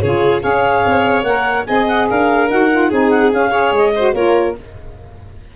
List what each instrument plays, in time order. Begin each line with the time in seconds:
0.00 tuba C#3, saxophone F4, violin G#4, clarinet C#5
0.40 tuba C#4, saxophone G#4, violin C#5, clarinet F5
0.85 tuba C4
1.23 tuba A#3, saxophone A#4, clarinet F#5
1.65 tuba C4, saxophone G#4, violin D#5, clarinet G#5
1.87 clarinet F#5
2.09 tuba D4, violin A#4, clarinet F5
2.49 tuba D#4, saxophone F#4, clarinet F#5
2.70 saxophone F4
2.89 tuba C4, saxophone D#4, violin G#4, clarinet G#5
3.10 clarinet F#5
3.31 saxophone C#4, tuba C#4, clarinet F5
3.50 saxophone G#4, violin C#5
3.71 tuba G#3, clarinet D#5
3.95 saxophone F#4, violin C5
4.13 tuba A#3, saxophone F4, violin A#4, clarinet C#5